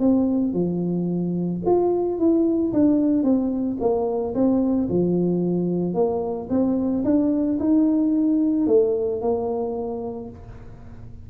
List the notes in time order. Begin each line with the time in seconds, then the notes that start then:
0.00 C4
0.54 F3
1.66 F4
2.19 E4
2.73 D4
3.24 C4
3.80 A#3
4.35 C4
4.89 F3
5.94 A#3
6.50 C4
7.05 D4
7.59 D#4
8.67 A3
9.22 A#3